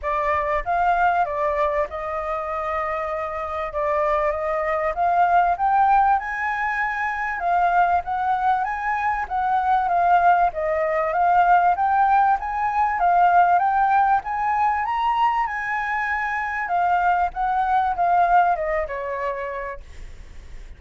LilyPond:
\new Staff \with { instrumentName = "flute" } { \time 4/4 \tempo 4 = 97 d''4 f''4 d''4 dis''4~ | dis''2 d''4 dis''4 | f''4 g''4 gis''2 | f''4 fis''4 gis''4 fis''4 |
f''4 dis''4 f''4 g''4 | gis''4 f''4 g''4 gis''4 | ais''4 gis''2 f''4 | fis''4 f''4 dis''8 cis''4. | }